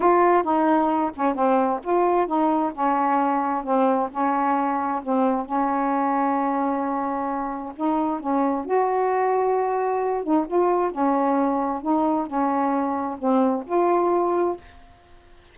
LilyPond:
\new Staff \with { instrumentName = "saxophone" } { \time 4/4 \tempo 4 = 132 f'4 dis'4. cis'8 c'4 | f'4 dis'4 cis'2 | c'4 cis'2 c'4 | cis'1~ |
cis'4 dis'4 cis'4 fis'4~ | fis'2~ fis'8 dis'8 f'4 | cis'2 dis'4 cis'4~ | cis'4 c'4 f'2 | }